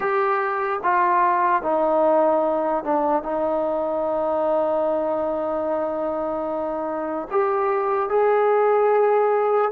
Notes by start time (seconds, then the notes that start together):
0.00 G4
0.83 F4
1.62 D#4
2.84 D4
3.22 D#4
7.30 G4
8.09 G#4